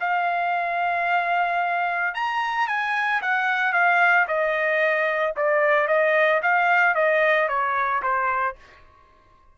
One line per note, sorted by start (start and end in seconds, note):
0.00 2.14 F5
2.14 2.68 A#5
2.68 3.21 G#5
3.22 3.73 F#5
3.73 4.26 F5
4.27 5.34 D#5
5.36 5.88 D5
5.88 6.41 D#5
6.42 6.95 F5
6.95 7.48 D#5
7.48 8.02 C#5
8.02 8.56 C5